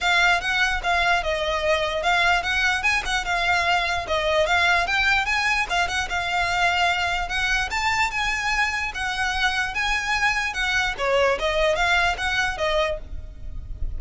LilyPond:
\new Staff \with { instrumentName = "violin" } { \time 4/4 \tempo 4 = 148 f''4 fis''4 f''4 dis''4~ | dis''4 f''4 fis''4 gis''8 fis''8 | f''2 dis''4 f''4 | g''4 gis''4 f''8 fis''8 f''4~ |
f''2 fis''4 a''4 | gis''2 fis''2 | gis''2 fis''4 cis''4 | dis''4 f''4 fis''4 dis''4 | }